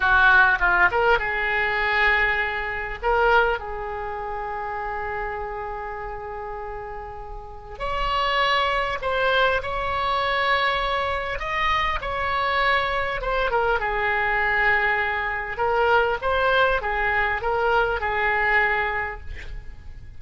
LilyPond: \new Staff \with { instrumentName = "oboe" } { \time 4/4 \tempo 4 = 100 fis'4 f'8 ais'8 gis'2~ | gis'4 ais'4 gis'2~ | gis'1~ | gis'4 cis''2 c''4 |
cis''2. dis''4 | cis''2 c''8 ais'8 gis'4~ | gis'2 ais'4 c''4 | gis'4 ais'4 gis'2 | }